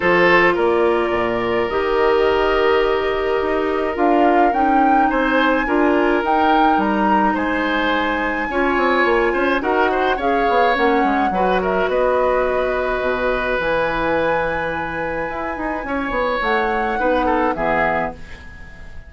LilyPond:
<<
  \new Staff \with { instrumentName = "flute" } { \time 4/4 \tempo 4 = 106 c''4 d''2 dis''4~ | dis''2. f''4 | g''4 gis''2 g''4 | ais''4 gis''2.~ |
gis''4 fis''4 f''4 fis''4~ | fis''8 e''8 dis''2. | gis''1~ | gis''4 fis''2 e''4 | }
  \new Staff \with { instrumentName = "oboe" } { \time 4/4 a'4 ais'2.~ | ais'1~ | ais'4 c''4 ais'2~ | ais'4 c''2 cis''4~ |
cis''8 c''8 ais'8 c''8 cis''2 | b'8 ais'8 b'2.~ | b'1 | cis''2 b'8 a'8 gis'4 | }
  \new Staff \with { instrumentName = "clarinet" } { \time 4/4 f'2. g'4~ | g'2. f'4 | dis'2 f'4 dis'4~ | dis'2. f'4~ |
f'4 fis'4 gis'4 cis'4 | fis'1 | e'1~ | e'2 dis'4 b4 | }
  \new Staff \with { instrumentName = "bassoon" } { \time 4/4 f4 ais4 ais,4 dis4~ | dis2 dis'4 d'4 | cis'4 c'4 d'4 dis'4 | g4 gis2 cis'8 c'8 |
ais8 cis'8 dis'4 cis'8 b8 ais8 gis8 | fis4 b2 b,4 | e2. e'8 dis'8 | cis'8 b8 a4 b4 e4 | }
>>